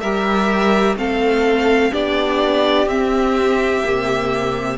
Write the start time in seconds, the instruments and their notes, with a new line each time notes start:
0.00 cello G3, viola G4, violin A#4 E5
0.95 cello A3, viola C4, violin A4 F5
1.91 cello B3, viola D4, violin G4 D5
2.86 cello C4, viola C4, violin E5
3.84 cello C3, viola A#3